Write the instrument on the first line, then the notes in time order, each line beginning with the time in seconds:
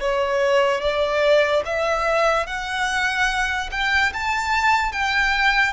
violin
0.00 C#5
0.80 D5
1.65 E5
2.46 F#5
3.71 G5
4.13 A5
4.92 G5